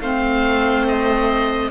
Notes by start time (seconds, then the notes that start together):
0.00 A3 C4 C5 F5
0.87 D#5